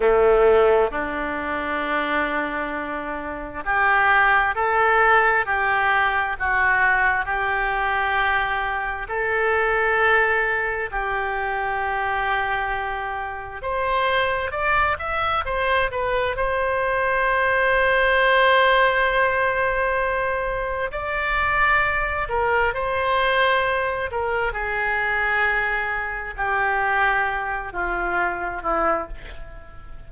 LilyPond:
\new Staff \with { instrumentName = "oboe" } { \time 4/4 \tempo 4 = 66 a4 d'2. | g'4 a'4 g'4 fis'4 | g'2 a'2 | g'2. c''4 |
d''8 e''8 c''8 b'8 c''2~ | c''2. d''4~ | d''8 ais'8 c''4. ais'8 gis'4~ | gis'4 g'4. f'4 e'8 | }